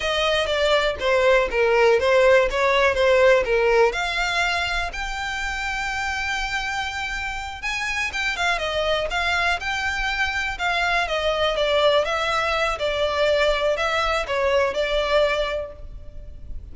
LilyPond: \new Staff \with { instrumentName = "violin" } { \time 4/4 \tempo 4 = 122 dis''4 d''4 c''4 ais'4 | c''4 cis''4 c''4 ais'4 | f''2 g''2~ | g''2.~ g''8 gis''8~ |
gis''8 g''8 f''8 dis''4 f''4 g''8~ | g''4. f''4 dis''4 d''8~ | d''8 e''4. d''2 | e''4 cis''4 d''2 | }